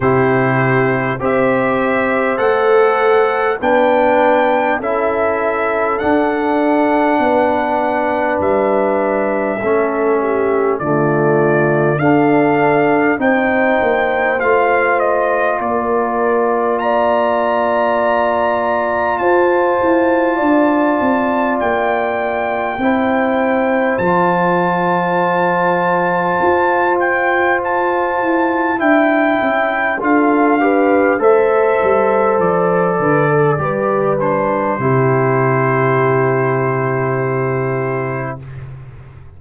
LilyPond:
<<
  \new Staff \with { instrumentName = "trumpet" } { \time 4/4 \tempo 4 = 50 c''4 e''4 fis''4 g''4 | e''4 fis''2 e''4~ | e''4 d''4 f''4 g''4 | f''8 dis''8 d''4 ais''2 |
a''2 g''2 | a''2~ a''8 g''8 a''4 | g''4 f''4 e''4 d''4~ | d''8 c''2.~ c''8 | }
  \new Staff \with { instrumentName = "horn" } { \time 4/4 g'4 c''2 b'4 | a'2 b'2 | a'8 g'8 f'4 a'4 c''4~ | c''4 ais'4 d''2 |
c''4 d''2 c''4~ | c''1 | e''4 a'8 b'8 c''4. b'16 a'16 | b'4 g'2. | }
  \new Staff \with { instrumentName = "trombone" } { \time 4/4 e'4 g'4 a'4 d'4 | e'4 d'2. | cis'4 a4 d'4 dis'4 | f'1~ |
f'2. e'4 | f'1 | e'4 f'8 g'8 a'2 | g'8 d'8 e'2. | }
  \new Staff \with { instrumentName = "tuba" } { \time 4/4 c4 c'4 a4 b4 | cis'4 d'4 b4 g4 | a4 d4 d'4 c'8 ais8 | a4 ais2. |
f'8 e'8 d'8 c'8 ais4 c'4 | f2 f'4. e'8 | d'8 cis'8 d'4 a8 g8 f8 d8 | g4 c2. | }
>>